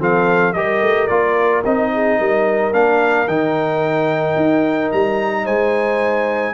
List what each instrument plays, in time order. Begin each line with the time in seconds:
0.00 tuba F3, trombone C4, horn A4, trumpet F5
0.54 tuba G3, trombone G4, horn A#4, trumpet D#5
0.82 tuba A3
1.08 tuba A#3, trombone F4, trumpet D5
1.65 tuba C4, trombone D#4, trumpet D#5
1.94 horn G#4
2.19 tuba G3, horn A#4
2.73 tuba A#3, trombone D4, trumpet F5
3.27 tuba D#3, trombone D#4, trumpet G5
4.36 tuba D#4
4.92 tuba G3, trumpet A#5
5.44 tuba G#3, horn C5, trumpet G#5